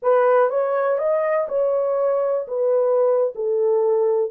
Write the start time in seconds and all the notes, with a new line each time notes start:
0.02 B4
0.49 C#5
0.98 D#5
1.48 C#5
2.47 B4
3.35 A4